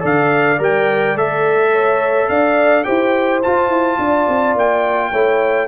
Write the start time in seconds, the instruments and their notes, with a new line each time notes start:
0.00 tuba D3, trombone A4, horn D5, trumpet F5
0.59 tuba G3, trombone A#4, trumpet G5
1.15 tuba A3, trombone A4, trumpet E5
1.72 horn C#5
2.29 tuba D4, horn D5, trumpet F5
2.84 tuba E4, trombone G4, horn C5, trumpet G5
3.43 trombone F4, tuba F4, trumpet A5
3.68 tuba E4
3.99 tuba D4, horn D5
4.29 tuba C4
4.55 tuba A#3, trumpet G5
5.10 tuba A3, trombone E4, horn C#5